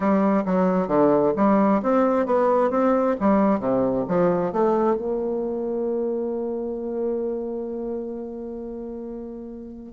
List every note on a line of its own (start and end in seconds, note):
0.00 0.43 G3
0.45 0.87 F#3
0.87 1.32 D3
1.36 1.81 G3
1.82 2.26 C4
2.26 2.70 B3
2.70 3.15 C4
3.19 3.59 G3
3.59 4.05 C3
4.08 4.52 F3
4.52 4.96 A3
4.96 9.92 A#3